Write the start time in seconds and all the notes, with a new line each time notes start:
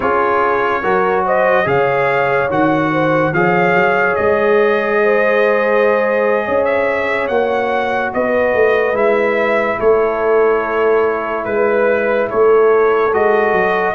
0.00 C#4 F4 G#4 C#5
0.82 F#3 F#4 A#4
1.25 C5 D#5
1.65 C#3 G#4 C#5 F5
2.49 D#3 F#4 F#5
2.92 C5
3.33 F3 G#4 C#5 F5
3.74 F#3
4.15 G#3 D#5
5.03 C5
6.45 C#4 C#5
6.64 E5
7.27 A#3 F#4 F#5
8.13 B3 B4 D#5
8.54 A3
8.93 G#3 E4 E5
9.78 A3 A4 C#5
11.44 G#3 B4
12.28 A3 A4 C#5
13.13 G#3 F#4 D#5
13.53 F#3